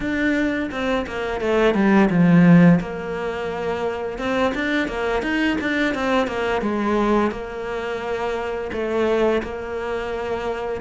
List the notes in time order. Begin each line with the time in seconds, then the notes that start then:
0.00 D4
0.71 C4
1.07 A#3
1.40 A3
1.74 G3
2.10 F3
2.80 A#3
4.18 C4
4.54 D4
4.88 A#3
5.22 D#4
5.60 D4
5.94 C4
6.27 A#3
6.61 G#3
7.31 A#3
8.72 A3
9.42 A#3